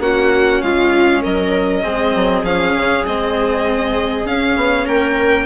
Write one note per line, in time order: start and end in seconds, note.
0.00 0.61 A#3
0.00 1.84 C#4
0.00 0.62 F#4
0.00 0.62 F#5
0.62 1.24 G#3
0.62 1.22 F4
0.62 1.23 F5
1.22 1.85 F#3
1.22 1.82 A#4
1.22 2.45 D#5
1.83 2.15 G#3
1.83 2.44 C4
1.83 4.85 G#4
2.15 2.43 F#3
2.43 2.74 F3
2.43 3.06 C#4
2.43 3.05 F5
2.76 3.06 C#3
3.06 4.25 G#3
3.06 4.27 C4
3.06 4.27 D#5
4.25 4.56 C#4
4.25 5.46 C#4
4.25 4.87 F5
4.56 4.87 B3
4.85 5.46 A#3
4.85 5.46 A#4
4.85 5.46 G5